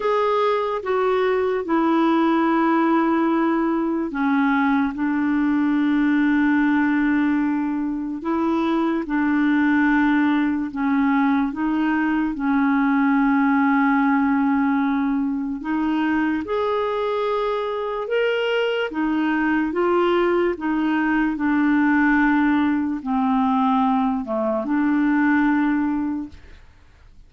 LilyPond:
\new Staff \with { instrumentName = "clarinet" } { \time 4/4 \tempo 4 = 73 gis'4 fis'4 e'2~ | e'4 cis'4 d'2~ | d'2 e'4 d'4~ | d'4 cis'4 dis'4 cis'4~ |
cis'2. dis'4 | gis'2 ais'4 dis'4 | f'4 dis'4 d'2 | c'4. a8 d'2 | }